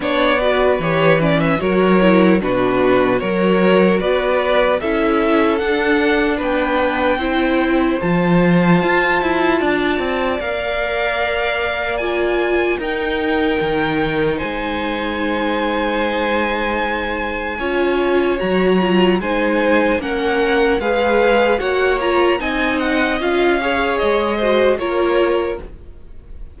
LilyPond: <<
  \new Staff \with { instrumentName = "violin" } { \time 4/4 \tempo 4 = 75 d''4 cis''8 d''16 e''16 cis''4 b'4 | cis''4 d''4 e''4 fis''4 | g''2 a''2~ | a''4 f''2 gis''4 |
g''2 gis''2~ | gis''2. ais''4 | gis''4 fis''4 f''4 fis''8 ais''8 | gis''8 fis''8 f''4 dis''4 cis''4 | }
  \new Staff \with { instrumentName = "violin" } { \time 4/4 cis''8 b'4. ais'4 fis'4 | ais'4 b'4 a'2 | b'4 c''2. | d''1 |
ais'2 c''2~ | c''2 cis''2 | c''4 ais'4 b'4 cis''4 | dis''4. cis''4 c''8 ais'4 | }
  \new Staff \with { instrumentName = "viola" } { \time 4/4 d'8 fis'8 g'8 cis'8 fis'8 e'8 d'4 | fis'2 e'4 d'4~ | d'4 e'4 f'2~ | f'4 ais'2 f'4 |
dis'1~ | dis'2 f'4 fis'8 f'8 | dis'4 cis'4 gis'4 fis'8 f'8 | dis'4 f'8 gis'4 fis'8 f'4 | }
  \new Staff \with { instrumentName = "cello" } { \time 4/4 b4 e4 fis4 b,4 | fis4 b4 cis'4 d'4 | b4 c'4 f4 f'8 e'8 | d'8 c'8 ais2. |
dis'4 dis4 gis2~ | gis2 cis'4 fis4 | gis4 ais4 gis4 ais4 | c'4 cis'4 gis4 ais4 | }
>>